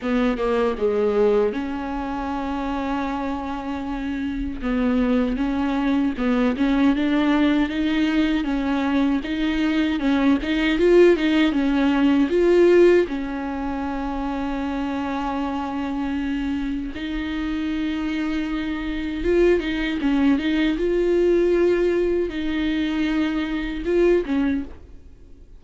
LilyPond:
\new Staff \with { instrumentName = "viola" } { \time 4/4 \tempo 4 = 78 b8 ais8 gis4 cis'2~ | cis'2 b4 cis'4 | b8 cis'8 d'4 dis'4 cis'4 | dis'4 cis'8 dis'8 f'8 dis'8 cis'4 |
f'4 cis'2.~ | cis'2 dis'2~ | dis'4 f'8 dis'8 cis'8 dis'8 f'4~ | f'4 dis'2 f'8 cis'8 | }